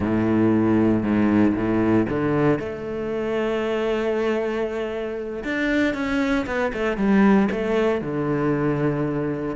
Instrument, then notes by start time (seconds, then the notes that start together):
cello
0.00 A2
1.03 G#2
1.55 A2
2.09 D3
2.59 A3
5.44 D4
5.93 C#4
6.46 B3
6.73 A3
6.97 G3
7.51 A3
8.01 D3